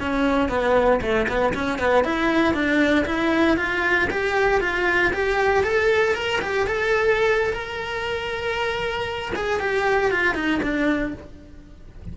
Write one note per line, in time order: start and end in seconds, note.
0.00 0.49 C#4
0.49 1.00 B3
1.01 1.27 A3
1.28 1.54 B3
1.54 1.79 C#4
1.79 2.04 B3
2.04 2.53 E4
2.53 3.05 D4
3.05 3.57 E4
3.57 4.08 F4
4.10 4.60 G4
4.60 5.12 F4
5.13 5.63 G4
5.63 6.14 A4
6.14 6.40 A#4
6.41 6.67 G4
6.67 7.53 A4
7.53 9.32 A#4
9.35 9.60 G#4
9.60 10.11 G4
10.11 10.34 F4
10.34 10.60 D#4
10.62 11.14 D4